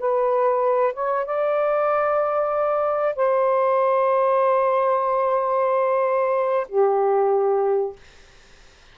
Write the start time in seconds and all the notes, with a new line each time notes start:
0.00 B4
0.94 C#5
1.26 D5
3.16 C5
6.69 G4